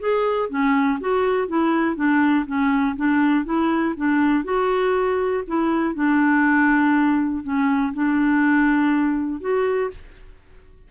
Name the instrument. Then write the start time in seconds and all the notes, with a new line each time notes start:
clarinet
0.00 G#4
0.50 C#4
1.00 F#4
1.48 E4
1.96 D4
2.46 C#4
2.96 D4
3.45 E4
3.97 D4
4.44 F#4
5.48 E4
5.95 D4
7.44 C#4
7.94 D4
9.41 F#4